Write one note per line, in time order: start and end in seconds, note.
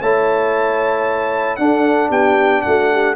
0.00 1.58 A3
0.00 1.58 E4
0.00 1.58 C#5
0.00 1.56 A5
1.56 2.10 D4
1.56 3.16 D4
1.56 2.09 A4
1.56 2.09 F#5
2.09 2.63 B3
2.09 2.62 G4
2.09 2.62 G5
2.62 3.16 A3
2.62 2.93 F#4
2.62 3.14 F#5
2.93 3.16 G4